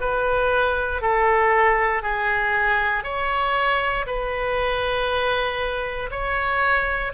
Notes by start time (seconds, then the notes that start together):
0.00 B4
1.01 A4
2.02 G#4
3.03 C#5
4.06 B4
6.10 C#5